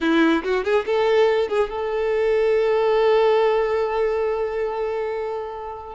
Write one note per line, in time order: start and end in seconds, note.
0.00 0.43 E4
0.43 0.64 F#4
0.64 0.85 G#4
0.86 1.48 A4
1.48 1.69 G#4
1.69 5.95 A4